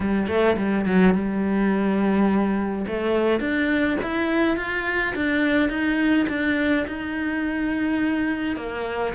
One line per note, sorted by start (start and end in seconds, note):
0.00 0.27 G3
0.27 0.56 A3
0.57 0.85 G3
0.85 1.14 F#3
1.14 2.85 G3
2.87 3.40 A3
3.40 3.97 D4
4.02 4.56 E4
4.56 5.14 F4
5.15 5.69 D4
5.69 6.26 D#4
6.29 6.86 D4
6.87 8.56 D#4
8.56 9.13 A#3